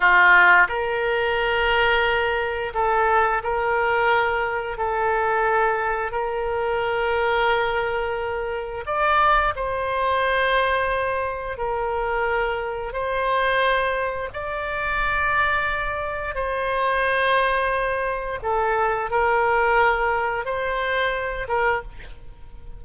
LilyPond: \new Staff \with { instrumentName = "oboe" } { \time 4/4 \tempo 4 = 88 f'4 ais'2. | a'4 ais'2 a'4~ | a'4 ais'2.~ | ais'4 d''4 c''2~ |
c''4 ais'2 c''4~ | c''4 d''2. | c''2. a'4 | ais'2 c''4. ais'8 | }